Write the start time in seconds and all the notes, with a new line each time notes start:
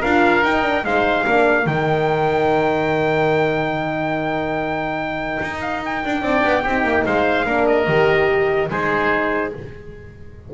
0.00 D4 F4 A#4 F5
0.43 D#4 G5
0.62 D4
0.83 G#3 D#4 C5 F5
1.25 A#3 D4 A#4
1.66 D#3 D#4 G5
5.42 D#4
5.61 F5
5.85 G5
6.05 D4
6.22 C4 D4 D5
6.44 B3
6.63 C4 D#4 G4
6.84 A#3
7.05 G#3 C5 F5
7.45 A#3 D4 A#4
7.67 D#5
7.87 D#3 G4
8.70 G#3 D#4 G#4 C5